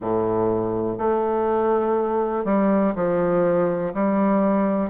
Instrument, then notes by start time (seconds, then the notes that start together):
bassoon
0.00 A2
0.97 A3
2.45 G3
2.95 F3
3.93 G3